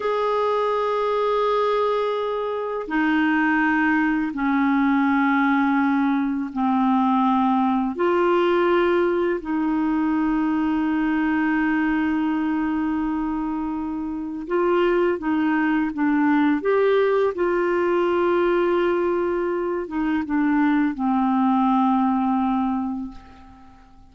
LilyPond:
\new Staff \with { instrumentName = "clarinet" } { \time 4/4 \tempo 4 = 83 gis'1 | dis'2 cis'2~ | cis'4 c'2 f'4~ | f'4 dis'2.~ |
dis'1 | f'4 dis'4 d'4 g'4 | f'2.~ f'8 dis'8 | d'4 c'2. | }